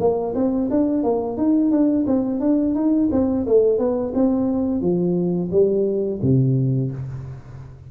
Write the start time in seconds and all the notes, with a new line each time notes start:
0.00 A#3
0.35 C4
0.71 D4
1.03 A#3
1.38 D#4
1.71 D4
2.07 C4
2.40 D4
2.75 D#4
3.12 C4
3.47 A3
3.79 B3
4.15 C4
4.82 F3
5.52 G3
6.23 C3